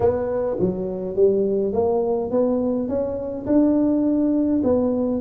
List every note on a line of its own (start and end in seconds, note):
0.00 0.57 B3
0.59 1.15 F#3
1.15 1.73 G3
1.73 2.30 A#3
2.31 2.88 B3
2.88 3.46 C#4
3.46 4.62 D4
4.63 5.21 B3